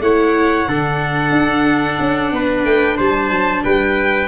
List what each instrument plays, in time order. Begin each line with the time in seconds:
0.00 tuba A3, viola E4, trumpet C#5, violin F#5
0.68 tuba D3, viola D4, trumpet A4
1.31 tuba D4
1.99 tuba C#4
2.32 tuba B3, trumpet B4
2.64 tuba A3, violin G5
2.96 tuba G3, trumpet C5, violin A5
3.31 tuba F#3
3.63 tuba G3, trumpet B4, violin G5